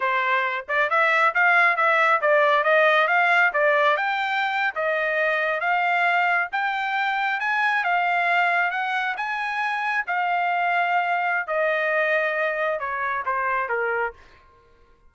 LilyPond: \new Staff \with { instrumentName = "trumpet" } { \time 4/4 \tempo 4 = 136 c''4. d''8 e''4 f''4 | e''4 d''4 dis''4 f''4 | d''4 g''4.~ g''16 dis''4~ dis''16~ | dis''8. f''2 g''4~ g''16~ |
g''8. gis''4 f''2 fis''16~ | fis''8. gis''2 f''4~ f''16~ | f''2 dis''2~ | dis''4 cis''4 c''4 ais'4 | }